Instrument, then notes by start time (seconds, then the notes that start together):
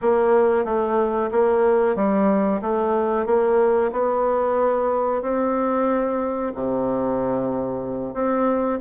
bassoon
0.01 A#3
0.65 A3
1.31 A#3
1.95 G3
2.61 A3
3.25 A#3
3.92 B3
5.21 C4
6.54 C3
8.14 C4